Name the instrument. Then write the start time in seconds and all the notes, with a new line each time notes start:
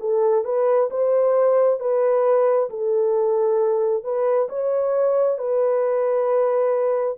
horn
0.00 A4
0.45 B4
0.90 C5
1.80 B4
2.70 A4
4.04 B4
4.49 C#5
5.38 B4